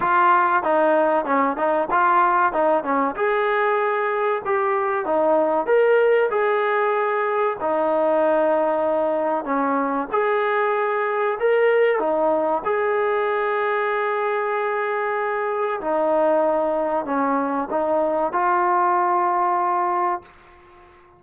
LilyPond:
\new Staff \with { instrumentName = "trombone" } { \time 4/4 \tempo 4 = 95 f'4 dis'4 cis'8 dis'8 f'4 | dis'8 cis'8 gis'2 g'4 | dis'4 ais'4 gis'2 | dis'2. cis'4 |
gis'2 ais'4 dis'4 | gis'1~ | gis'4 dis'2 cis'4 | dis'4 f'2. | }